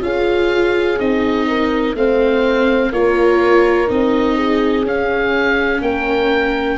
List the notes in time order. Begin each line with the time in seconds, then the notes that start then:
0.00 C#4 F4 G#4 F5
0.99 C4 D#4 D#5
1.48 A#4
1.94 A3 C4 C5 F5
2.92 A#3 F4 A#4 C#5
3.87 C4 D#4 D#5
4.36 G#4
4.83 C#4 F5
5.81 A#3 A#4 G5